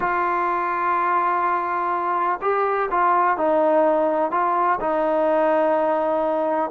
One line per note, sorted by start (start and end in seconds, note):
0.00 2.40 F4
2.41 2.89 G4
2.91 3.37 F4
3.37 4.31 D#4
4.31 4.79 F4
4.80 6.71 D#4